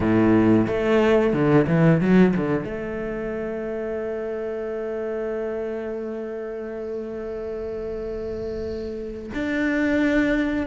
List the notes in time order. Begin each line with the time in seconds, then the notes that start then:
0.00 A2
0.67 A3
1.33 D3
1.67 E3
2.01 F#3
2.36 D3
2.64 A3
9.34 D4